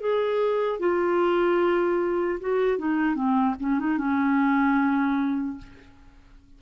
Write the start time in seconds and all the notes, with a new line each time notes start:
0.00 G#4
0.79 F4
2.40 F#4
2.78 D#4
3.15 C4
3.60 C#4
3.79 D#4
3.98 C#4